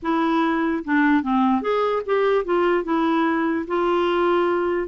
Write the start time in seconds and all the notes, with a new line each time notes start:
0.02 E4
0.84 D4
1.22 C4
1.61 G#4
2.05 G4
2.44 F4
2.84 E4
3.67 F4